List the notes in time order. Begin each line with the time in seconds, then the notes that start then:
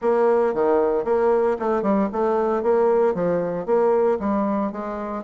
0.01 A#3
0.54 D#3
1.04 A#3
1.59 A3
1.82 G3
2.12 A3
2.62 A#3
3.14 F3
3.66 A#3
4.19 G3
4.72 G#3